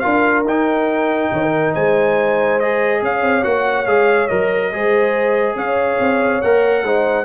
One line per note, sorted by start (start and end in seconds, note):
0.00 0.45 D4
0.00 0.45 F4
0.00 1.32 A#4
0.00 0.43 F5
0.45 1.30 D#4
0.45 2.62 D#4
0.45 1.75 G5
1.32 1.75 D#3
1.32 1.43 C#5
1.43 1.75 A#4
1.75 3.02 G#3
1.75 3.02 C5
1.75 2.60 G#5
2.60 3.44 G#4
2.60 3.02 D#5
3.02 3.22 C#4
3.02 4.73 C#5
3.02 3.44 F5
3.22 3.43 C4
3.44 3.87 A#3
3.44 3.86 F#4
3.44 3.86 F#5
3.86 4.29 G#3
3.86 4.29 G#4
3.86 4.28 F5
4.28 4.73 F#3
4.28 4.72 A#4
4.28 5.56 D#5
4.73 5.56 G#3
4.73 6.43 G#4
4.73 5.57 C5
5.56 5.99 C#4
5.56 6.85 C#5
5.56 6.42 F5
6.00 6.43 C4
6.42 6.83 A#3
6.42 6.86 A#4
6.42 7.25 F#5
6.83 7.25 G#3
6.83 7.25 D#4
6.83 7.25 C5